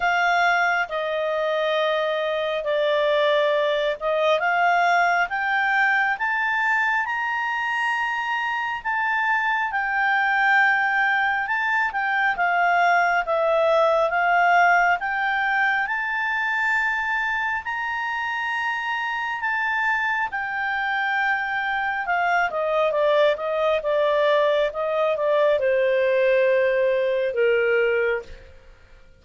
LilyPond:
\new Staff \with { instrumentName = "clarinet" } { \time 4/4 \tempo 4 = 68 f''4 dis''2 d''4~ | d''8 dis''8 f''4 g''4 a''4 | ais''2 a''4 g''4~ | g''4 a''8 g''8 f''4 e''4 |
f''4 g''4 a''2 | ais''2 a''4 g''4~ | g''4 f''8 dis''8 d''8 dis''8 d''4 | dis''8 d''8 c''2 ais'4 | }